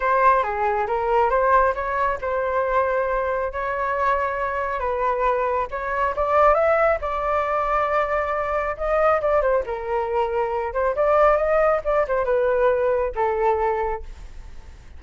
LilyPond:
\new Staff \with { instrumentName = "flute" } { \time 4/4 \tempo 4 = 137 c''4 gis'4 ais'4 c''4 | cis''4 c''2. | cis''2. b'4~ | b'4 cis''4 d''4 e''4 |
d''1 | dis''4 d''8 c''8 ais'2~ | ais'8 c''8 d''4 dis''4 d''8 c''8 | b'2 a'2 | }